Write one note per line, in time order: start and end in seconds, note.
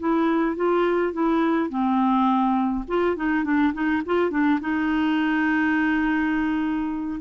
0.00 0.57 E4
0.57 1.14 F4
1.14 1.70 E4
1.70 2.85 C4
2.88 3.17 F4
3.17 3.45 D#4
3.45 3.73 D4
3.74 4.03 D#4
4.06 4.31 F4
4.31 4.60 D4
4.61 7.21 D#4